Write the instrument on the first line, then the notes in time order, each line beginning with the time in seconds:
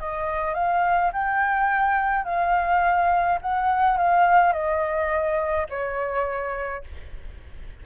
flute
0.00 D#5
0.55 F5
1.13 G5
2.25 F5
3.42 F#5
3.98 F5
4.53 D#5
5.70 C#5